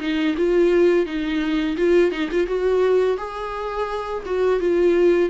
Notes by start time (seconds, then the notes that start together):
0.00 D#4
0.38 F4
1.06 D#4
1.77 F4
2.12 D#4
2.31 F4
2.47 F#4
3.18 G#4
4.26 F#4
4.60 F4